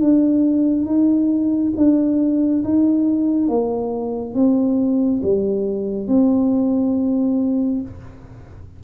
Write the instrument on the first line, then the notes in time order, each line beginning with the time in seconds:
tuba
0.00 D4
0.85 D#4
1.76 D4
2.63 D#4
3.48 A#3
4.34 C4
5.22 G3
6.07 C4